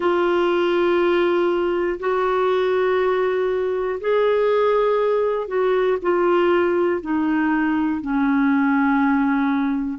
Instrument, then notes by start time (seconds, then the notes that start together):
clarinet
0.00 F4
2.00 F#4
4.00 G#4
5.47 F#4
6.01 F4
7.01 D#4
8.01 C#4